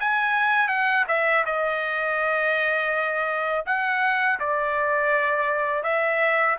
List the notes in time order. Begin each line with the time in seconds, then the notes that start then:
0.00 G#5
0.68 F#5
1.08 E5
1.46 D#5
3.66 F#5
4.40 D5
5.83 E5